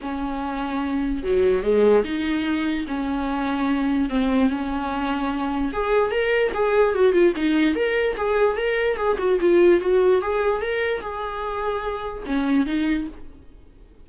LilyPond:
\new Staff \with { instrumentName = "viola" } { \time 4/4 \tempo 4 = 147 cis'2. fis4 | gis4 dis'2 cis'4~ | cis'2 c'4 cis'4~ | cis'2 gis'4 ais'4 |
gis'4 fis'8 f'8 dis'4 ais'4 | gis'4 ais'4 gis'8 fis'8 f'4 | fis'4 gis'4 ais'4 gis'4~ | gis'2 cis'4 dis'4 | }